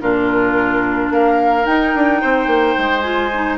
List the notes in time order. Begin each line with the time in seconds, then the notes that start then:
0.00 A#2 D4 F4 A#4
1.10 A#3 A#4 F5
1.64 D#4 G5
1.95 D4
2.21 C4 C5
2.46 A#3
2.78 G#3
3.00 F4 G#5
3.33 D#4